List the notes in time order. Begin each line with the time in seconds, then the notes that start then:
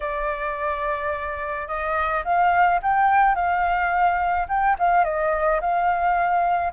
0.00 D5
1.67 D#5
2.24 F5
2.82 G5
3.35 F5
4.48 G5
4.78 F5
5.04 D#5
5.60 F5